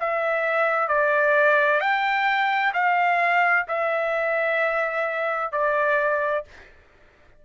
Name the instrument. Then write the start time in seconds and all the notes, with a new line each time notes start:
trumpet
0.00 E5
0.88 D5
1.81 G5
2.74 F5
3.68 E5
5.52 D5